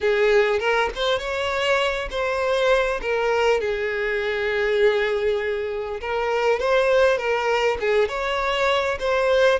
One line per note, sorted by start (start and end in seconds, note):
0.01 0.59 G#4
0.59 0.89 A#4
0.95 1.18 C5
1.18 2.08 C#5
2.10 3.00 C5
3.01 3.60 A#4
3.60 6.00 G#4
6.00 6.59 A#4
6.59 7.17 C5
7.17 7.77 A#4
7.80 8.08 G#4
8.08 8.98 C#5
8.99 9.59 C5